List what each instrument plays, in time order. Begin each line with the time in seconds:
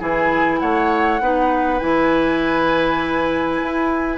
0.00 bassoon E3, clarinet E4, oboe G#4, flute G#5
0.60 bassoon A3, oboe C#5, flute F#5
1.21 bassoon B3, clarinet D#4, oboe B4
1.79 bassoon E3, clarinet E4, flute G#5
3.63 bassoon E4